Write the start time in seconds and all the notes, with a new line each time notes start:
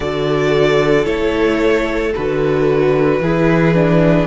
0.00 D3 F#4 A4 D5
1.04 A3 E4 C#5
2.15 D3 F#4 B4
3.19 E3 E4 G#4
3.74 D4